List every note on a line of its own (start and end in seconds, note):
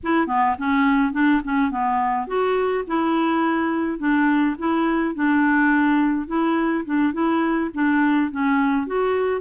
0.03 0.27 E4
0.27 0.56 B3
0.58 1.12 C#4
1.12 1.41 D4
1.44 1.70 C#4
1.70 2.27 B3
2.27 2.84 F#4
2.87 3.98 E4
3.98 4.56 D4
4.58 5.15 E4
5.15 6.27 D4
6.27 6.84 E4
6.85 7.13 D4
7.13 7.70 E4
7.74 8.31 D4
8.31 8.86 C#4
8.86 9.41 F#4